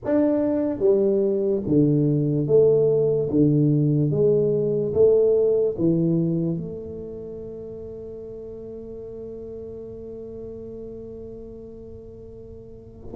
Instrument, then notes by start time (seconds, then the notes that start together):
tuba
0.04 D4
0.79 G3
1.67 D3
2.47 A3
3.30 D3
4.11 G#3
4.93 A3
5.78 E3
6.57 A3